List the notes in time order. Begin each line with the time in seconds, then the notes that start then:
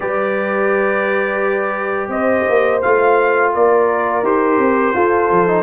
0.00 G3 G4 B4 D5
2.07 C4 C5 D#5
2.48 A#3
2.81 A3 F4 F5
3.54 A#3 A#4 D5
4.22 D#4 G4 C5
4.57 C4
4.94 F4 A4
5.30 F3
5.47 D#4